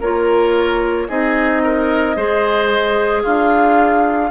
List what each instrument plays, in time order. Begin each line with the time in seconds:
0.00 bassoon A#3, clarinet F4, oboe A#4, flute C#5
1.08 bassoon C4, clarinet D#4, oboe G#4, flute D#5
1.64 oboe A#4
2.16 bassoon G#3, clarinet G#4, oboe C5
3.22 bassoon D4, oboe F4, flute F5